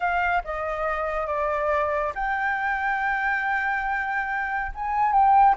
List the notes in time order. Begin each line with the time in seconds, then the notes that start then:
0.00 F5
0.44 D#5
1.26 D5
2.14 G5
4.74 G#5
5.12 G5